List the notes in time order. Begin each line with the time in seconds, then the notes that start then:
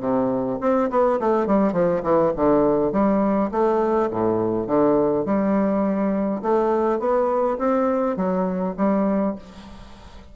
0.00 C3
0.60 C4
0.90 B3
1.19 A3
1.46 G3
1.72 F3
2.03 E3
2.36 D3
2.92 G3
3.51 A3
4.10 A2
4.67 D3
5.25 G3
6.42 A3
6.99 B3
7.58 C4
8.16 F#3
8.77 G3